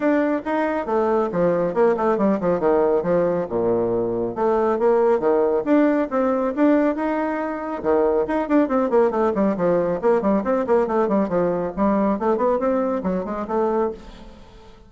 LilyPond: \new Staff \with { instrumentName = "bassoon" } { \time 4/4 \tempo 4 = 138 d'4 dis'4 a4 f4 | ais8 a8 g8 f8 dis4 f4 | ais,2 a4 ais4 | dis4 d'4 c'4 d'4 |
dis'2 dis4 dis'8 d'8 | c'8 ais8 a8 g8 f4 ais8 g8 | c'8 ais8 a8 g8 f4 g4 | a8 b8 c'4 fis8 gis8 a4 | }